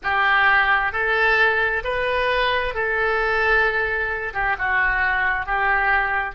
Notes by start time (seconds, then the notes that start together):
0.03 G4
0.92 A4
1.84 B4
2.74 A4
4.33 G4
4.58 F#4
5.45 G4